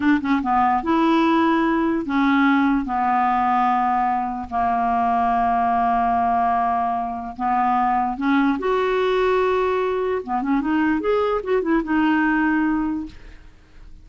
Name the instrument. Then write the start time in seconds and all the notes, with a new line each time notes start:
clarinet
0.00 D4
0.21 C#4
0.42 B3
0.83 E4
2.05 C#4
2.85 B3
4.50 A#3
7.36 B3
8.17 C#4
8.58 F#4
10.23 B3
10.42 C#4
10.60 D#4
11.00 G#4
11.43 F#4
11.62 E4
11.83 D#4